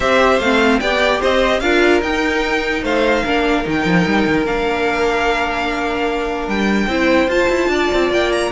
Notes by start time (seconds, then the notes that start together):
0.00 C4 G4 C5 E5
0.39 A3 C4 F5
0.79 B3 G4 D5 G5
1.20 C4 C5 D#5
1.60 D4 F4 A#4 F5
2.01 D#4 G5
2.82 A3 C5 F5
3.23 A#3 D4 A#4
3.63 D#3 D#4 G5
3.85 F3
4.06 G3
4.27 D#3
4.45 A#3 D4 F5
6.47 G3 G5
6.87 C4 E4 C5
7.27 F4 A5
7.49 E4
7.68 D4 D5
7.93 C4
8.10 A#3 G5
8.31 A#5